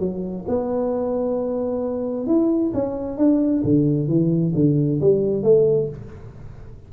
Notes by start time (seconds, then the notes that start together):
0.00 F#3
0.48 B3
2.27 E4
2.74 C#4
3.18 D4
3.64 D3
4.08 E3
4.55 D3
5.01 G3
5.44 A3